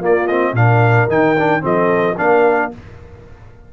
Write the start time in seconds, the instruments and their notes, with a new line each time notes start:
0.00 tuba A#3, trombone A#3, horn F4, trumpet D5
0.28 trombone C4, trumpet D#5
0.53 tuba A#2, trombone D4, horn A#4, trumpet F5
1.09 tuba D#3, trombone D#4, trumpet G5
1.39 trombone D4
1.61 tuba F3, trombone C4, horn A4, trumpet D#5
2.18 tuba A#3, trombone D4, horn A#4, trumpet F5